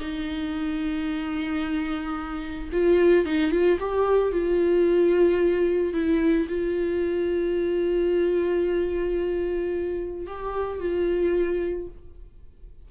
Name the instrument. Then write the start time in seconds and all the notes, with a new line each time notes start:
viola
0.00 D#4
2.72 F4
3.26 D#4
3.52 F4
3.80 G4
4.32 F4
5.94 E4
6.49 F4
10.27 G4
10.80 F4